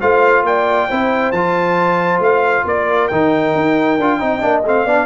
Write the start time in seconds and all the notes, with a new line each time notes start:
0.00 A3 F4 C5 F5
0.43 A#3 D5 G5
0.89 C4 E4 C5
1.32 F3 F4 A5
2.19 A3 F5
2.65 A#3 A#4 D5
3.08 D#3 D#4 G5
3.55 D#4
3.98 D4 F4
4.20 C4 D#4 D#5
4.40 A#3 D4
4.64 A3 C4 F5
4.84 B3 D4 D5